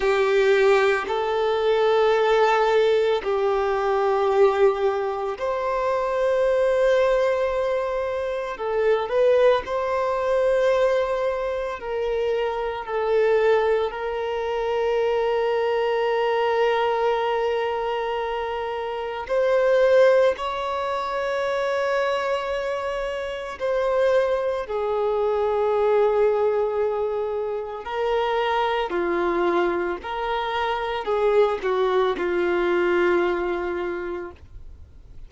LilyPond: \new Staff \with { instrumentName = "violin" } { \time 4/4 \tempo 4 = 56 g'4 a'2 g'4~ | g'4 c''2. | a'8 b'8 c''2 ais'4 | a'4 ais'2.~ |
ais'2 c''4 cis''4~ | cis''2 c''4 gis'4~ | gis'2 ais'4 f'4 | ais'4 gis'8 fis'8 f'2 | }